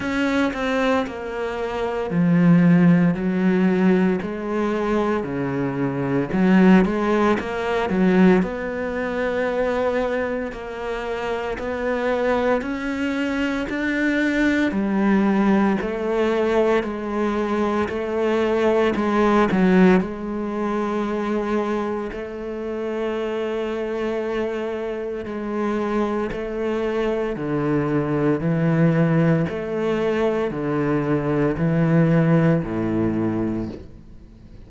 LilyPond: \new Staff \with { instrumentName = "cello" } { \time 4/4 \tempo 4 = 57 cis'8 c'8 ais4 f4 fis4 | gis4 cis4 fis8 gis8 ais8 fis8 | b2 ais4 b4 | cis'4 d'4 g4 a4 |
gis4 a4 gis8 fis8 gis4~ | gis4 a2. | gis4 a4 d4 e4 | a4 d4 e4 a,4 | }